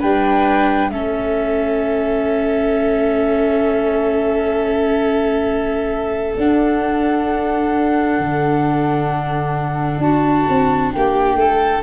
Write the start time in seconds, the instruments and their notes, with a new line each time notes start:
0.00 tuba G3, viola D4, violin B4, flute G5
0.90 tuba A3, viola C#4, violin A4, flute E5
6.37 tuba D4, viola D4, flute F#5
8.19 tuba D3
9.98 tuba D4, violin F#4, flute A5
10.49 tuba C4
10.93 tuba A#3, violin G4, flute G5
11.35 tuba A3, violin A4